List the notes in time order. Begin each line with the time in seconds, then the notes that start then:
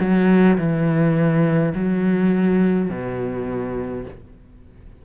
0.00 F#3
0.58 E3
1.75 F#3
2.90 B2